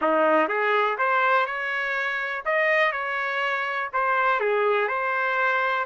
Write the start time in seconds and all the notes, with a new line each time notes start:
0.01 D#4
0.48 G#4
0.98 C5
1.46 C#5
2.45 D#5
2.91 C#5
3.93 C5
4.40 G#4
4.88 C5